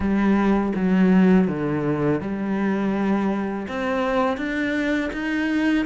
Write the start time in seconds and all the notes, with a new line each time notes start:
0.00 G3
0.75 F#3
1.47 D3
2.21 G3
3.68 C4
4.37 D4
5.12 D#4